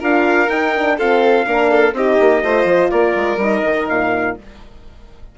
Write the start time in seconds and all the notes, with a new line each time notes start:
0.00 D4 F4 A#4 F5
0.49 D#4 G5
0.76 D4
0.97 C4 F4 A4 F5
1.45 A#3 D4 A#4
1.71 A4
1.93 C4 D#4 G4 D#5
2.20 A#3
2.42 A3 F4 C5
2.65 F3
2.91 A#3 A#4 D5
3.16 G#3
3.37 G3 D#4 D#5
3.65 D#3
3.89 A#2 F5